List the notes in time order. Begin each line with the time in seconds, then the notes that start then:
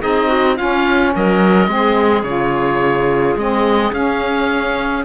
0.00 C4 D#4 G#4 D#5
0.27 F#4
0.57 C#4 F4 F5
1.15 F#3 A#4 D#5
1.67 G#3 C4 G#4
2.23 C#3 F4 C#5
3.36 G#3 C4 D#5
3.92 C#4 F5